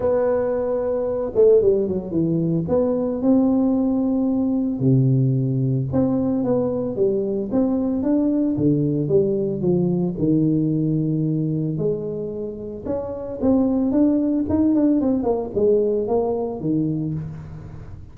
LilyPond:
\new Staff \with { instrumentName = "tuba" } { \time 4/4 \tempo 4 = 112 b2~ b8 a8 g8 fis8 | e4 b4 c'2~ | c'4 c2 c'4 | b4 g4 c'4 d'4 |
d4 g4 f4 dis4~ | dis2 gis2 | cis'4 c'4 d'4 dis'8 d'8 | c'8 ais8 gis4 ais4 dis4 | }